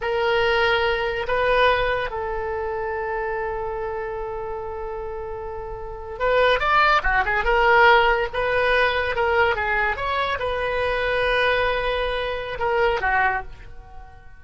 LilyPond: \new Staff \with { instrumentName = "oboe" } { \time 4/4 \tempo 4 = 143 ais'2. b'4~ | b'4 a'2.~ | a'1~ | a'2~ a'8. b'4 d''16~ |
d''8. fis'8 gis'8 ais'2 b'16~ | b'4.~ b'16 ais'4 gis'4 cis''16~ | cis''8. b'2.~ b'16~ | b'2 ais'4 fis'4 | }